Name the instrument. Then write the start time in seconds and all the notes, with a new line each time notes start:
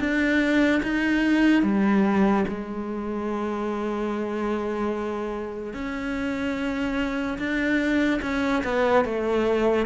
cello
0.00 D4
0.83 D#4
1.63 G3
2.48 G#3
5.74 C#4
7.39 D4
8.22 C#4
8.65 B3
9.05 A3